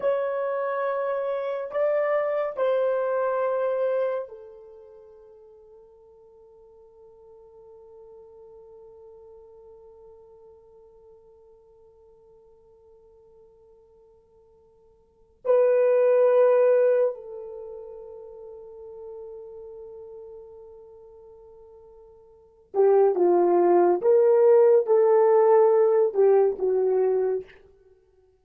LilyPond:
\new Staff \with { instrumentName = "horn" } { \time 4/4 \tempo 4 = 70 cis''2 d''4 c''4~ | c''4 a'2.~ | a'1~ | a'1~ |
a'2 b'2 | a'1~ | a'2~ a'8 g'8 f'4 | ais'4 a'4. g'8 fis'4 | }